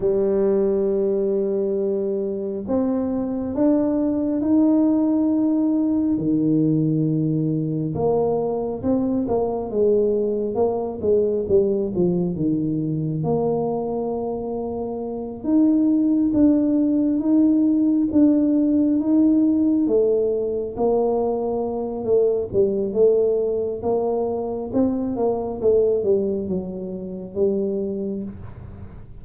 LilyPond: \new Staff \with { instrumentName = "tuba" } { \time 4/4 \tempo 4 = 68 g2. c'4 | d'4 dis'2 dis4~ | dis4 ais4 c'8 ais8 gis4 | ais8 gis8 g8 f8 dis4 ais4~ |
ais4. dis'4 d'4 dis'8~ | dis'8 d'4 dis'4 a4 ais8~ | ais4 a8 g8 a4 ais4 | c'8 ais8 a8 g8 fis4 g4 | }